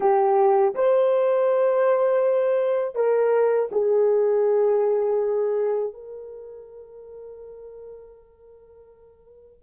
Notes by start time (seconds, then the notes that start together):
0.00 G4
0.74 C5
2.95 A#4
3.71 G#4
5.93 A#4